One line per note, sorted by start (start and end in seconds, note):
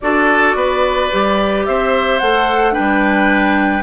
0.00 0.55 D4
0.00 1.11 F#4
0.00 0.56 A4
0.00 1.65 D5
0.55 1.10 B3
0.55 1.66 B4
1.11 1.67 G3
1.11 2.21 G4
1.65 2.21 C4
1.65 2.73 C5
1.65 2.19 E5
2.19 2.76 A3
2.19 2.72 A4
2.19 2.74 F#5
2.72 3.82 D4
2.72 3.83 B4
2.72 3.83 G5
2.78 3.83 G3